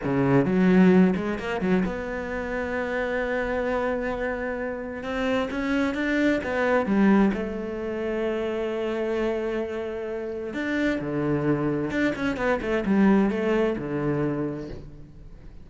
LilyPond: \new Staff \with { instrumentName = "cello" } { \time 4/4 \tempo 4 = 131 cis4 fis4. gis8 ais8 fis8 | b1~ | b2. c'4 | cis'4 d'4 b4 g4 |
a1~ | a2. d'4 | d2 d'8 cis'8 b8 a8 | g4 a4 d2 | }